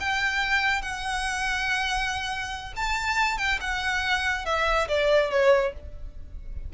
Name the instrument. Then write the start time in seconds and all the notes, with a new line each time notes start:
violin
0.00 G5
0.82 F#5
2.77 A5
3.38 G5
3.61 F#5
4.46 E5
4.89 D5
5.31 C#5